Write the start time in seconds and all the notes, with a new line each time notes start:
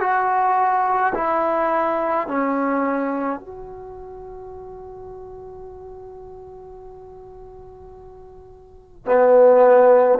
0.00 F#4
1.14 E4
2.27 C#4
3.40 F#4
9.06 B3